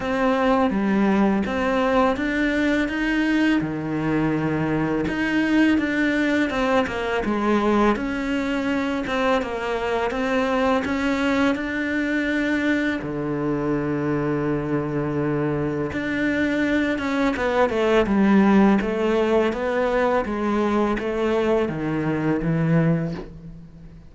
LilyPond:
\new Staff \with { instrumentName = "cello" } { \time 4/4 \tempo 4 = 83 c'4 g4 c'4 d'4 | dis'4 dis2 dis'4 | d'4 c'8 ais8 gis4 cis'4~ | cis'8 c'8 ais4 c'4 cis'4 |
d'2 d2~ | d2 d'4. cis'8 | b8 a8 g4 a4 b4 | gis4 a4 dis4 e4 | }